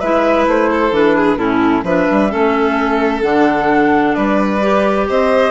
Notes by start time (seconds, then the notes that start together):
0.00 G#3 E4 B4 E5
0.47 A3 C5
0.71 A4
0.91 E3 D4 B4
1.17 G#4
1.37 A2 C#4 E4 A4
1.84 F3 D4 B4 E5
2.11 G3
2.30 A3 C#4 A4
3.22 D3 D4 F#5
4.14 G3 B4 D5
4.62 G4
5.09 C4 C5 D#5